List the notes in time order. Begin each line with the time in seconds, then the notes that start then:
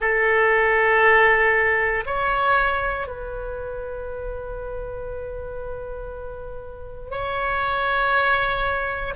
0.00 A4
2.06 C#5
3.07 B4
7.10 C#5